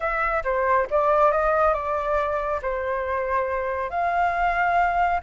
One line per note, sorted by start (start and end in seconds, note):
0.00 0.43 E5
0.43 0.87 C5
0.90 1.31 D5
1.31 1.73 D#5
1.73 2.60 D5
2.61 3.90 C5
3.90 5.20 F5